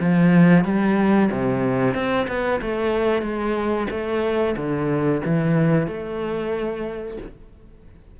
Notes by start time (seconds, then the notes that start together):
0.00 F3
0.64 G3
1.31 C3
1.94 C4
2.28 B3
2.61 A3
3.22 G#3
3.90 A3
4.56 D3
5.25 E3
5.87 A3